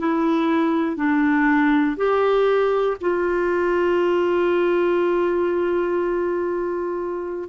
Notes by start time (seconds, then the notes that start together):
0.00 E4
0.97 D4
1.97 G4
3.01 F4